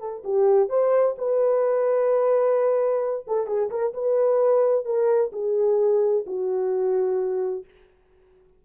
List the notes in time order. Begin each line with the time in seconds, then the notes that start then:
0.00 A4
0.24 G4
0.70 C5
1.18 B4
3.27 A4
3.47 G#4
3.70 A#4
3.94 B4
4.85 A#4
5.33 G#4
6.27 F#4